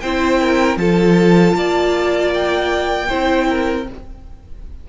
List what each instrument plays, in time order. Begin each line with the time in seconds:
0.00 cello C4, viola E4, violin C5 G5
0.40 violin A#4
0.76 cello F3, viola F4, violin A4 A5
1.54 cello A#3, violin D5
2.34 violin G5
3.08 cello C4, viola E4, violin C5
3.49 violin A#4